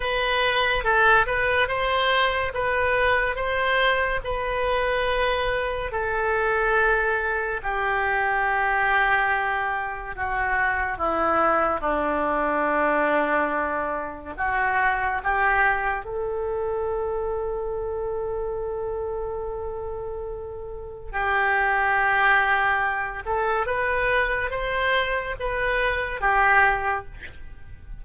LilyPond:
\new Staff \with { instrumentName = "oboe" } { \time 4/4 \tempo 4 = 71 b'4 a'8 b'8 c''4 b'4 | c''4 b'2 a'4~ | a'4 g'2. | fis'4 e'4 d'2~ |
d'4 fis'4 g'4 a'4~ | a'1~ | a'4 g'2~ g'8 a'8 | b'4 c''4 b'4 g'4 | }